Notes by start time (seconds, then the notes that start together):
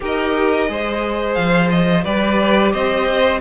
0.00 D#4 G4 A#4 D#5
0.67 G#3 G#4 C5
1.34 F3 F5
1.70 D#5
2.04 G3 G4 B4 D5
2.72 C4 C5 D#5